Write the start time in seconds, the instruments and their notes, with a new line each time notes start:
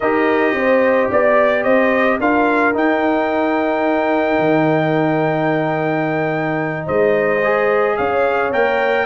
0.00 tuba D#4, trombone G4, horn A#4, trumpet D#5
0.53 tuba C4, horn C5
1.10 tuba B3, horn D5, trumpet D5
1.63 tuba C4, horn C5, trumpet D#5
2.19 tuba D4, trombone F4, horn A#4, trumpet F5
2.73 trombone D#4, tuba D#4, trumpet G5
4.39 tuba D#3
6.85 tuba G#3, horn C5, trumpet D#5
7.43 trombone G#4
7.96 tuba C#4, horn C#5, trumpet F5
8.52 tuba A#3, trombone A#4, trumpet G5